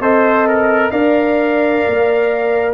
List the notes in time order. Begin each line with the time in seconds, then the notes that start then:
0.00 C4 A4 C5 D#5
0.47 A#4
0.91 D4 A#4 D5 F5
1.87 A#3